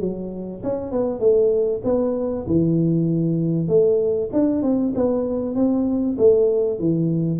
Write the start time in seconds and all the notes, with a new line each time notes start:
0.00 F#3
0.63 C#4
0.91 B3
1.19 A3
1.84 B3
2.47 E3
3.68 A3
4.33 D4
4.62 C4
4.95 B3
5.55 C4
6.18 A3
6.79 E3